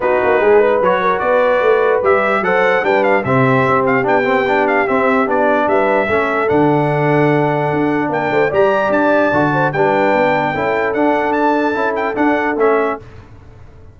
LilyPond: <<
  \new Staff \with { instrumentName = "trumpet" } { \time 4/4 \tempo 4 = 148 b'2 cis''4 d''4~ | d''4 e''4 fis''4 g''8 f''8 | e''4. f''8 g''4. f''8 | e''4 d''4 e''2 |
fis''1 | g''4 ais''4 a''2 | g''2. fis''4 | a''4. g''8 fis''4 e''4 | }
  \new Staff \with { instrumentName = "horn" } { \time 4/4 fis'4 gis'8 b'4 ais'8 b'4~ | b'2 c''4 b'4 | g'1~ | g'2 b'4 a'4~ |
a'1 | ais'8 c''8 d''2~ d''8 c''8 | b'2 a'2~ | a'1 | }
  \new Staff \with { instrumentName = "trombone" } { \time 4/4 dis'2 fis'2~ | fis'4 g'4 a'4 d'4 | c'2 d'8 c'8 d'4 | c'4 d'2 cis'4 |
d'1~ | d'4 g'2 fis'4 | d'2 e'4 d'4~ | d'4 e'4 d'4 cis'4 | }
  \new Staff \with { instrumentName = "tuba" } { \time 4/4 b8 ais8 gis4 fis4 b4 | a4 g4 fis4 g4 | c4 c'4 b2 | c'4 b4 g4 a4 |
d2. d'4 | ais8 a8 g4 d'4 d4 | g4 b4 cis'4 d'4~ | d'4 cis'4 d'4 a4 | }
>>